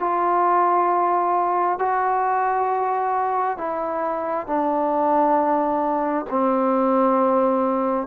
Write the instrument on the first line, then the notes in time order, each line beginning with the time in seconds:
trombone
0.00 F4
1.79 F#4
3.58 E4
4.47 D4
6.31 C4